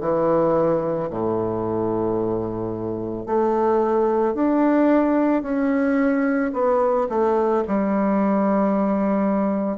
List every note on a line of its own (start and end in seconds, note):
0.00 1.09 E3
1.10 3.26 A2
3.26 4.34 A3
4.34 5.42 D4
5.42 6.51 C#4
6.53 7.08 B3
7.09 7.63 A3
7.67 9.77 G3